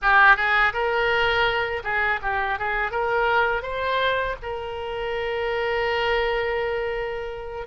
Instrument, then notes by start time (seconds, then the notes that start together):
oboe
0.02 G4
0.36 G#4
0.73 A#4
1.83 G#4
2.22 G4
2.58 G#4
2.91 A#4
3.62 C5
4.42 A#4